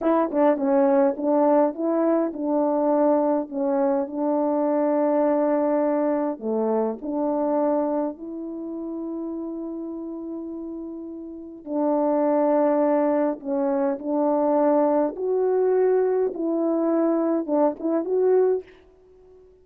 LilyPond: \new Staff \with { instrumentName = "horn" } { \time 4/4 \tempo 4 = 103 e'8 d'8 cis'4 d'4 e'4 | d'2 cis'4 d'4~ | d'2. a4 | d'2 e'2~ |
e'1 | d'2. cis'4 | d'2 fis'2 | e'2 d'8 e'8 fis'4 | }